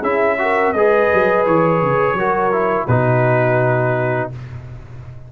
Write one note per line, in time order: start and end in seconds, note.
0.00 0.73 C#4
0.00 0.39 E4
0.00 0.36 G#4
0.00 0.73 E5
0.39 0.74 F#4
0.39 0.76 A#4
0.73 1.09 G#3
0.73 2.19 G#4
0.73 2.18 B4
0.73 1.44 D#5
1.13 1.46 F#3
1.46 1.82 E3
1.46 2.87 C#5
1.82 2.14 C#3
2.14 2.85 F#3
2.14 2.52 F#4
2.14 2.87 A#4
2.52 2.88 E4
2.87 4.31 B2
2.87 4.32 D#4
2.87 4.30 F#4
2.87 4.30 B4